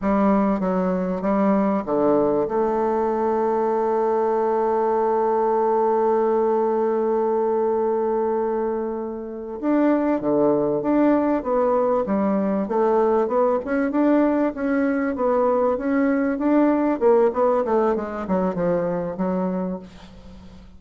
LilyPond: \new Staff \with { instrumentName = "bassoon" } { \time 4/4 \tempo 4 = 97 g4 fis4 g4 d4 | a1~ | a1~ | a2.~ a8 d'8~ |
d'8 d4 d'4 b4 g8~ | g8 a4 b8 cis'8 d'4 cis'8~ | cis'8 b4 cis'4 d'4 ais8 | b8 a8 gis8 fis8 f4 fis4 | }